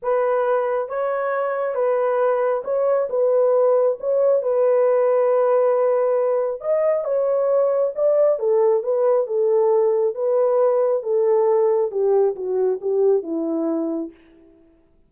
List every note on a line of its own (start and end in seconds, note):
0.02 0.88 B4
0.88 1.74 C#5
1.74 2.62 B4
2.64 3.08 C#5
3.09 3.97 B4
4.00 4.42 C#5
4.42 6.60 B4
6.60 7.04 D#5
7.04 7.92 C#5
7.95 8.39 D5
8.39 8.83 A4
8.83 9.26 B4
9.26 10.14 A4
10.14 11.02 B4
11.02 11.91 A4
11.91 12.35 G4
12.35 12.79 F#4
12.81 13.22 G4
13.22 14.11 E4